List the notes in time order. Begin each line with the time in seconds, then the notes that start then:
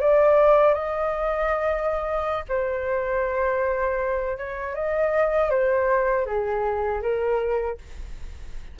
0.00 D5
0.74 D#5
2.49 C5
4.38 C#5
4.75 D#5
5.50 C5
6.26 G#4
7.02 A#4